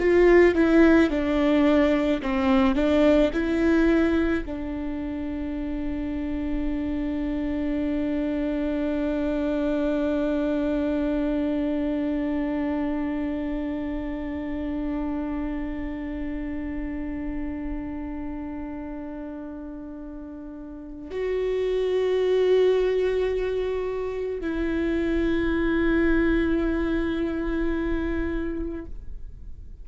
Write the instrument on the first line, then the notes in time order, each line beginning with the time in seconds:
viola
0.00 F4
0.55 E4
1.11 D4
2.22 C4
2.76 D4
3.34 E4
4.45 D4
21.11 F#4
24.41 E4